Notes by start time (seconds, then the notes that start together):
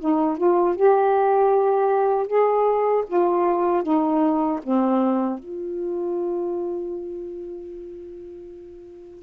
0.00 D#4
0.38 F4
0.77 G4
2.28 G#4
3.07 F4
3.83 D#4
4.64 C4
5.40 F4